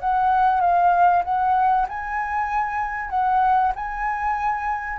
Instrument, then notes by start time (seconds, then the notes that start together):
flute
0.00 F#5
0.61 F5
1.24 F#5
1.89 G#5
3.10 F#5
3.75 G#5